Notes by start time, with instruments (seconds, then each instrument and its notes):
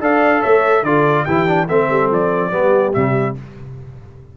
0.00 tuba D4, trombone A4, horn D5, trumpet F5
0.40 tuba A3, horn C#5, trumpet E5
0.83 tuba D3, trombone F4, horn A4, trumpet D5
1.25 tuba E3, trombone E4, horn G4, trumpet G5
1.47 trombone D4
1.68 tuba A3, trombone C4, horn A4, trumpet E5
1.90 tuba G3
2.10 tuba F3, trumpet D5
2.50 tuba G3, trombone B3, horn G4
2.93 tuba C3, trombone G3, trumpet E5